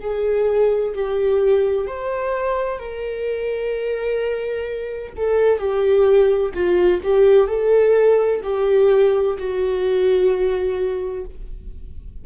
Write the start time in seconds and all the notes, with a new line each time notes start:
0.00 G#4
0.94 G4
1.87 C5
2.79 A#4
5.16 A4
5.59 G4
6.54 F4
7.03 G4
7.47 A4
8.43 G4
9.37 F#4